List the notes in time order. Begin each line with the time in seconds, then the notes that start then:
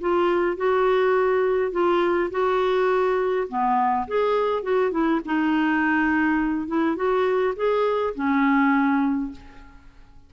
0.00 F4
0.56 F#4
1.71 F4
2.31 F#4
3.48 B3
4.07 G#4
4.62 F#4
4.91 E4
5.25 D#4
6.68 E4
6.96 F#4
7.55 G#4
8.15 C#4